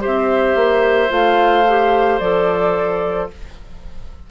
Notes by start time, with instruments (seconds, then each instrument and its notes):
0.00 bassoon C4, clarinet G4, oboe C5, flute E5
0.55 bassoon A#3
1.09 bassoon A3, clarinet F4, flute F5
1.68 clarinet G4
2.19 bassoon F3, clarinet A4, flute D5